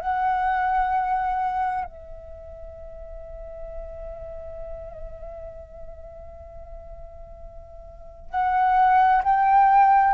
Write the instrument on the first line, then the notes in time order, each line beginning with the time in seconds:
flute
0.00 F#5
1.85 E5
8.30 F#5
9.23 G5